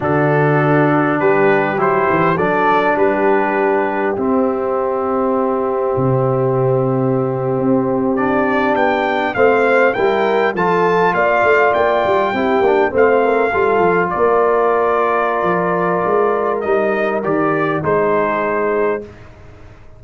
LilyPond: <<
  \new Staff \with { instrumentName = "trumpet" } { \time 4/4 \tempo 4 = 101 a'2 b'4 c''4 | d''4 b'2 e''4~ | e''1~ | e''4.~ e''16 d''4 g''4 f''16~ |
f''8. g''4 a''4 f''4 g''16~ | g''4.~ g''16 f''2 d''16~ | d''1 | dis''4 d''4 c''2 | }
  \new Staff \with { instrumentName = "horn" } { \time 4/4 fis'2 g'2 | a'4 g'2.~ | g'1~ | g'2.~ g'8. c''16~ |
c''8. ais'4 a'4 d''4~ d''16~ | d''8. g'4 c''8 ais'8 a'4 ais'16~ | ais'1~ | ais'2 gis'2 | }
  \new Staff \with { instrumentName = "trombone" } { \time 4/4 d'2. e'4 | d'2. c'4~ | c'1~ | c'4.~ c'16 d'2 c'16~ |
c'8. e'4 f'2~ f'16~ | f'8. e'8 d'8 c'4 f'4~ f'16~ | f'1 | dis'4 g'4 dis'2 | }
  \new Staff \with { instrumentName = "tuba" } { \time 4/4 d2 g4 fis8 e8 | fis4 g2 c'4~ | c'2 c2~ | c8. c'2 b4 a16~ |
a8. g4 f4 ais8 a8 ais16~ | ais16 g8 c'8 ais8 a4 g8 f8 ais16~ | ais2 f4 gis4 | g4 dis4 gis2 | }
>>